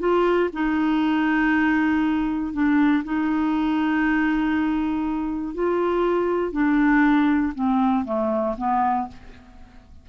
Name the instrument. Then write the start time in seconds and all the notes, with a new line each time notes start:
clarinet
0.00 F4
0.53 D#4
2.53 D4
3.05 D#4
5.55 F4
6.53 D4
7.55 C4
8.05 A3
8.58 B3